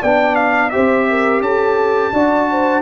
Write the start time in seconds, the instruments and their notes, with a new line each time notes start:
0.00 tuba B3, trombone D4, horn D5, trumpet G5
0.35 trumpet F5
0.69 trombone G4, horn C5, trumpet E5
0.76 tuba C4
1.09 horn A#4
1.40 tuba C#4, horn A4, trumpet A5
2.12 tuba D4, trombone F#4, horn D5
2.50 horn C5